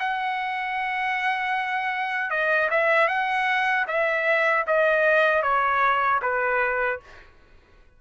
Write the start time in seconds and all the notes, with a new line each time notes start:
0.00 F#5
2.31 D#5
2.71 E5
3.08 F#5
3.88 E5
4.67 D#5
5.43 C#5
6.22 B4